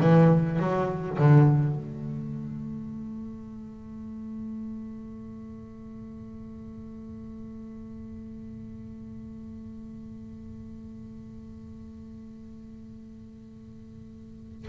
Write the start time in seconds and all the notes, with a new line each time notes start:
0.00 E3
0.59 F#3
1.18 D3
1.75 A3